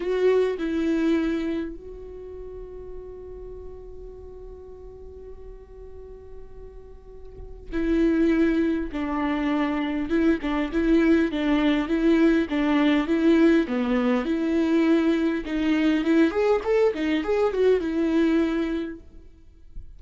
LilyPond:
\new Staff \with { instrumentName = "viola" } { \time 4/4 \tempo 4 = 101 fis'4 e'2 fis'4~ | fis'1~ | fis'1~ | fis'4 e'2 d'4~ |
d'4 e'8 d'8 e'4 d'4 | e'4 d'4 e'4 b4 | e'2 dis'4 e'8 gis'8 | a'8 dis'8 gis'8 fis'8 e'2 | }